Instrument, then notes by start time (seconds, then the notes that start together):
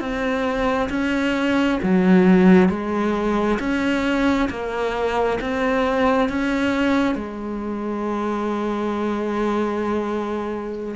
cello
0.00 C4
0.90 C#4
1.83 F#3
2.69 G#3
3.60 C#4
4.50 A#3
5.41 C4
6.29 C#4
7.15 G#3